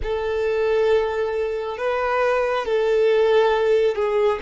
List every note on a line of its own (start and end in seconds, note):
0.02 1.77 A4
1.77 2.65 B4
2.65 3.95 A4
3.95 4.39 G#4